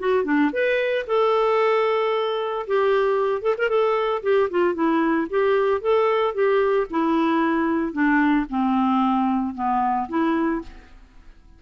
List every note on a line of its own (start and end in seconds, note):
0.00 0.25 F#4
0.25 0.51 D4
0.53 1.06 B4
1.07 2.67 A4
2.67 3.42 G4
3.42 3.56 A4
3.58 3.70 A#4
3.70 4.23 A4
4.23 4.50 G4
4.51 4.74 F4
4.74 5.28 E4
5.30 5.81 G4
5.81 6.35 A4
6.35 6.88 G4
6.91 7.93 E4
7.93 8.46 D4
8.50 9.55 C4
9.55 10.08 B3
10.09 10.62 E4